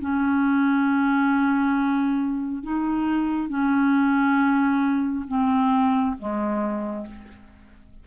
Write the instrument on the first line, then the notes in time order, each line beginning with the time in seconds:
clarinet
0.00 C#4
2.63 D#4
3.49 C#4
5.28 C4
6.18 G#3